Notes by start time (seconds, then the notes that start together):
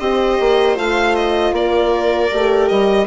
0.00 C4 G4 C5 D#5
0.41 A#3
0.76 A3 F4 F5
1.15 D#5
1.53 A#3 A#4 D5
2.31 A3 G4
2.69 G3 D#5